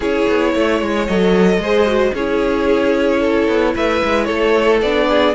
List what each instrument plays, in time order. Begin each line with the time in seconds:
0.00 cello C#4, viola E4, violin G#4 C#5
0.28 cello B3
0.52 cello A3, violin C#5
0.81 cello G#3
1.07 cello F#3, viola A4, violin D#5
1.57 cello G#3, viola G#4, violin C5
1.87 viola F#4
2.14 cello C#4, viola E4, violin G#4 C#5
3.20 violin A4
3.48 cello B3
3.75 cello A3, violin B4 E5
4.03 cello G#3
4.24 cello A3, violin A4 C#5
4.81 cello B3, viola D4, violin D5
5.09 violin G#4